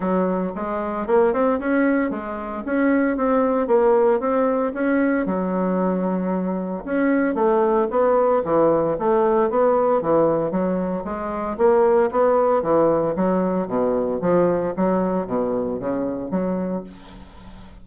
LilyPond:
\new Staff \with { instrumentName = "bassoon" } { \time 4/4 \tempo 4 = 114 fis4 gis4 ais8 c'8 cis'4 | gis4 cis'4 c'4 ais4 | c'4 cis'4 fis2~ | fis4 cis'4 a4 b4 |
e4 a4 b4 e4 | fis4 gis4 ais4 b4 | e4 fis4 b,4 f4 | fis4 b,4 cis4 fis4 | }